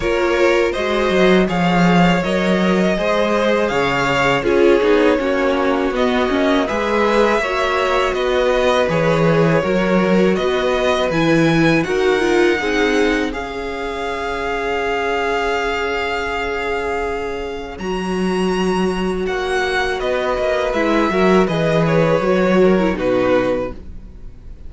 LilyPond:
<<
  \new Staff \with { instrumentName = "violin" } { \time 4/4 \tempo 4 = 81 cis''4 dis''4 f''4 dis''4~ | dis''4 f''4 cis''2 | dis''4 e''2 dis''4 | cis''2 dis''4 gis''4 |
fis''2 f''2~ | f''1 | ais''2 fis''4 dis''4 | e''4 dis''8 cis''4. b'4 | }
  \new Staff \with { instrumentName = "violin" } { \time 4/4 ais'4 c''4 cis''2 | c''4 cis''4 gis'4 fis'4~ | fis'4 b'4 cis''4 b'4~ | b'4 ais'4 b'2 |
ais'4 gis'4 cis''2~ | cis''1~ | cis''2. b'4~ | b'8 ais'8 b'4. ais'8 fis'4 | }
  \new Staff \with { instrumentName = "viola" } { \time 4/4 f'4 fis'4 gis'4 ais'4 | gis'2 f'8 dis'8 cis'4 | b8 cis'8 gis'4 fis'2 | gis'4 fis'2 e'4 |
fis'8 f'8 dis'4 gis'2~ | gis'1 | fis'1 | e'8 fis'8 gis'4 fis'8. e'16 dis'4 | }
  \new Staff \with { instrumentName = "cello" } { \time 4/4 ais4 gis8 fis8 f4 fis4 | gis4 cis4 cis'8 b8 ais4 | b8 ais8 gis4 ais4 b4 | e4 fis4 b4 e4 |
dis'4 c'4 cis'2~ | cis'1 | fis2 ais4 b8 ais8 | gis8 fis8 e4 fis4 b,4 | }
>>